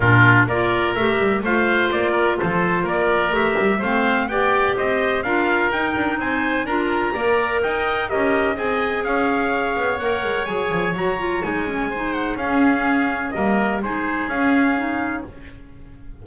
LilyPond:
<<
  \new Staff \with { instrumentName = "trumpet" } { \time 4/4 \tempo 4 = 126 ais'4 d''4 e''4 f''4 | d''4 c''4 d''4 e''4 | f''4 g''4 dis''4 f''4 | g''4 gis''4 ais''2 |
g''4 dis''4 gis''4 f''4~ | f''4 fis''4 gis''4 ais''4 | gis''4. fis''8 f''2 | dis''4 c''4 f''2 | }
  \new Staff \with { instrumentName = "oboe" } { \time 4/4 f'4 ais'2 c''4~ | c''8 ais'8 a'4 ais'2 | c''4 d''4 c''4 ais'4~ | ais'4 c''4 ais'4 d''4 |
dis''4 ais'4 dis''4 cis''4~ | cis''1~ | cis''4 c''4 gis'2 | ais'4 gis'2. | }
  \new Staff \with { instrumentName = "clarinet" } { \time 4/4 d'4 f'4 g'4 f'4~ | f'2. g'4 | c'4 g'2 f'4 | dis'2 f'4 ais'4~ |
ais'4 g'4 gis'2~ | gis'4 ais'4 gis'4 fis'8 f'8 | dis'8 cis'8 dis'4 cis'2 | ais4 dis'4 cis'4 dis'4 | }
  \new Staff \with { instrumentName = "double bass" } { \time 4/4 ais,4 ais4 a8 g8 a4 | ais4 f4 ais4 a8 g8 | a4 b4 c'4 d'4 | dis'8 d'8 c'4 d'4 ais4 |
dis'4 cis'4 c'4 cis'4~ | cis'8 b8 ais8 gis8 fis8 f8 fis4 | gis2 cis'2 | g4 gis4 cis'2 | }
>>